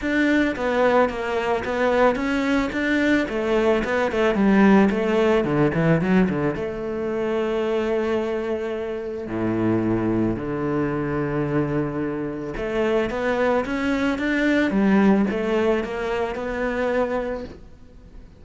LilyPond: \new Staff \with { instrumentName = "cello" } { \time 4/4 \tempo 4 = 110 d'4 b4 ais4 b4 | cis'4 d'4 a4 b8 a8 | g4 a4 d8 e8 fis8 d8 | a1~ |
a4 a,2 d4~ | d2. a4 | b4 cis'4 d'4 g4 | a4 ais4 b2 | }